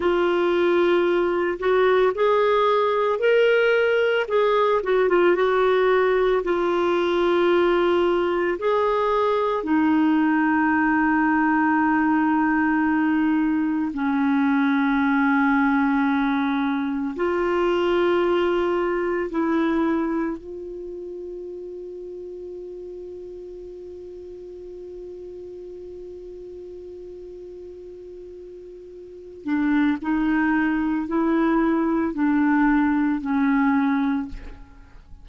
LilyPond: \new Staff \with { instrumentName = "clarinet" } { \time 4/4 \tempo 4 = 56 f'4. fis'8 gis'4 ais'4 | gis'8 fis'16 f'16 fis'4 f'2 | gis'4 dis'2.~ | dis'4 cis'2. |
f'2 e'4 f'4~ | f'1~ | f'2.~ f'8 d'8 | dis'4 e'4 d'4 cis'4 | }